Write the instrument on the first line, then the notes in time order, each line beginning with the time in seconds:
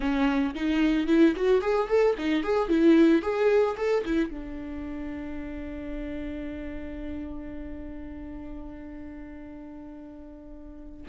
viola
0.00 C#4
0.54 D#4
1.07 E4
1.36 F#4
1.61 G#4
1.88 A4
2.18 D#4
2.43 G#4
2.68 E4
3.22 G#4
3.77 A4
4.05 E4
4.30 D4